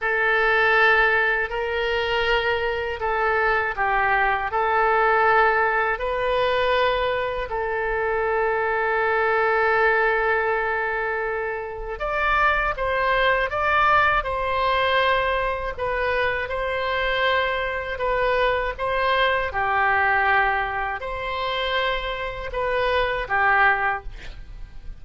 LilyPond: \new Staff \with { instrumentName = "oboe" } { \time 4/4 \tempo 4 = 80 a'2 ais'2 | a'4 g'4 a'2 | b'2 a'2~ | a'1 |
d''4 c''4 d''4 c''4~ | c''4 b'4 c''2 | b'4 c''4 g'2 | c''2 b'4 g'4 | }